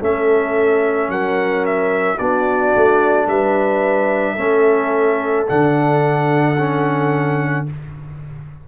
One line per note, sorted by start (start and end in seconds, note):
0.00 1.09 A3
0.00 2.18 C#4
0.00 1.10 A4
0.00 1.11 E5
1.09 2.18 F#3
1.09 2.18 A#4
1.09 1.65 F#5
1.66 2.19 E5
2.18 2.75 B3
2.18 4.37 D4
2.18 3.27 F#4
2.18 3.28 D5
2.76 3.28 A3
3.28 4.37 G3
3.28 4.36 B4
3.28 5.47 E5
4.36 5.47 A3
4.36 5.47 C#4
4.36 7.63 A4
5.47 7.68 D3
5.47 6.56 D4
5.47 7.67 F#5
6.58 7.67 C#4